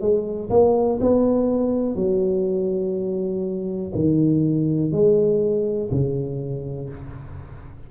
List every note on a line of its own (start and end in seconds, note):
0.00 0.49 G#3
0.49 0.98 A#3
1.00 1.95 B3
1.95 3.92 F#3
3.94 4.91 D#3
4.91 5.90 G#3
5.91 6.89 C#3